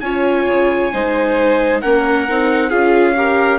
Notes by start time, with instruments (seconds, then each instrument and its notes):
0.00 bassoon C#4, viola F4, violin C#5, trumpet G#5
0.46 bassoon C#3
0.93 bassoon G#3, viola D#4, violin C5
1.81 bassoon A#3, viola C#4, violin A#4, trumpet F#5
2.28 bassoon C4, viola D#4
2.69 bassoon C#4, viola F4, violin G#4, trumpet F5
3.16 viola G4, violin A#4